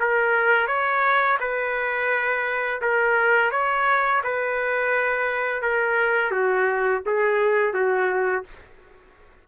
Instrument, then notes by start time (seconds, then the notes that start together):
trumpet
0.00 A#4
0.67 C#5
1.40 B4
2.82 A#4
3.51 C#5
4.24 B4
5.62 A#4
6.31 F#4
7.06 G#4
7.73 F#4